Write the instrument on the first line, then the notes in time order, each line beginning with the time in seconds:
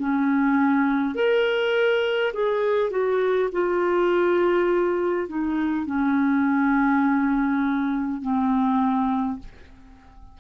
clarinet
0.00 C#4
1.16 A#4
2.34 G#4
2.91 F#4
3.52 F4
5.28 D#4
5.87 C#4
8.22 C4